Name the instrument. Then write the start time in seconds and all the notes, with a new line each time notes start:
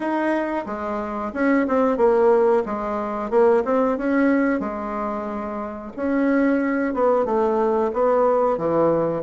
bassoon
0.00 D#4
0.66 G#3
1.33 C#4
1.67 C4
1.97 A#3
2.65 G#3
3.30 A#3
3.64 C4
3.97 C#4
4.60 G#3
5.96 C#4
6.94 B3
7.25 A3
7.93 B3
8.57 E3